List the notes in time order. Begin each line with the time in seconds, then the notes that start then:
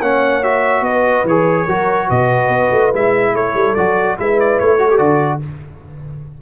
0.00 A#3 C#4 C#5 F#5
0.43 F#4 E5
0.81 B3 B4 D#5
1.24 E3 G#4 C#5
1.65 F#3 F#4 A#4
2.07 B2 B4 D#5
2.48 B3
2.71 A3
2.93 G#3 E4 E5
3.33 A3 A4 C#5
3.54 G3
3.74 F#3 F#4 D5
4.17 G#3 E4 B4 E5
4.40 D5
4.59 A3 C#5
4.78 F#4 A4
4.90 G4
4.97 D3 F#4 D5